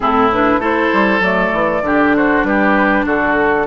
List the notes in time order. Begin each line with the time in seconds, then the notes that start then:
0.00 A2 C4 E4 A4
0.32 D4 B4
0.58 A3 E4 A4 C5
0.93 G3
1.20 F#3 A3 D5
1.53 E3
1.81 D3 D4 G4
2.16 F#4 C5
2.43 G3 G4 B4
3.05 D3 F#4 A4